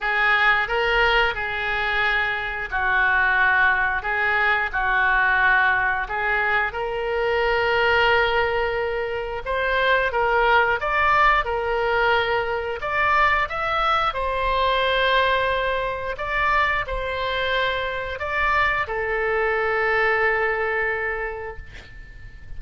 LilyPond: \new Staff \with { instrumentName = "oboe" } { \time 4/4 \tempo 4 = 89 gis'4 ais'4 gis'2 | fis'2 gis'4 fis'4~ | fis'4 gis'4 ais'2~ | ais'2 c''4 ais'4 |
d''4 ais'2 d''4 | e''4 c''2. | d''4 c''2 d''4 | a'1 | }